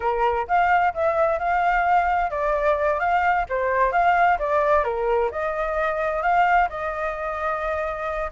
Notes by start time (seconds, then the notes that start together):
0.00 A#4
0.47 F5
0.94 E5
1.38 F5
2.30 D5
2.99 F5
3.49 C5
3.91 F5
4.38 D5
4.84 A#4
5.31 D#5
6.22 F5
6.69 D#5